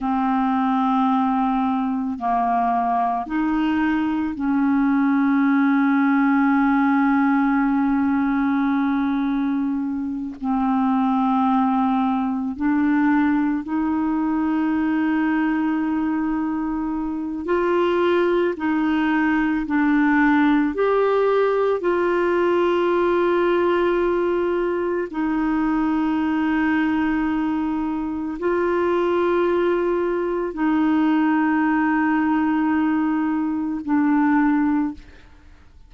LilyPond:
\new Staff \with { instrumentName = "clarinet" } { \time 4/4 \tempo 4 = 55 c'2 ais4 dis'4 | cis'1~ | cis'4. c'2 d'8~ | d'8 dis'2.~ dis'8 |
f'4 dis'4 d'4 g'4 | f'2. dis'4~ | dis'2 f'2 | dis'2. d'4 | }